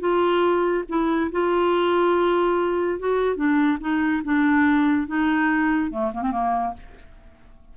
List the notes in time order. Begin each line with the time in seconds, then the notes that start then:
0.00 F4
0.89 E4
1.32 F4
2.99 F#4
3.36 D4
3.80 D#4
4.24 D4
5.07 D#4
5.91 A3
6.13 A#3
6.22 C4
6.32 A#3